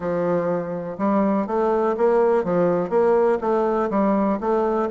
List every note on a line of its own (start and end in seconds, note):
0.00 0.97 F3
0.98 1.46 G3
1.47 1.95 A3
1.97 2.44 A#3
2.44 2.89 F3
2.89 3.38 A#3
3.41 3.89 A3
3.90 4.38 G3
4.40 4.89 A3